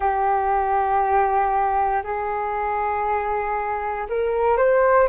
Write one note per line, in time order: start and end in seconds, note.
0.00 2.02 G4
2.03 4.07 G#4
4.09 4.57 A#4
4.57 5.08 C5